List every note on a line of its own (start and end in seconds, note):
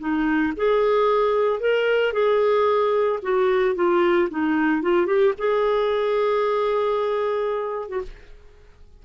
0.00 0.54 D#4
0.57 1.60 G#4
1.60 2.13 A#4
2.13 3.20 G#4
3.23 3.76 F#4
3.76 4.29 F4
4.30 4.82 D#4
4.82 5.07 F4
5.07 5.34 G4
5.39 7.89 G#4
7.89 8.02 F#4